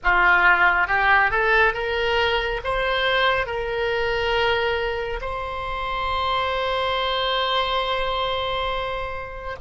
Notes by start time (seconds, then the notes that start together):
0.03 F4
0.87 G4
1.30 A4
1.74 A#4
2.64 C5
3.46 A#4
5.21 C5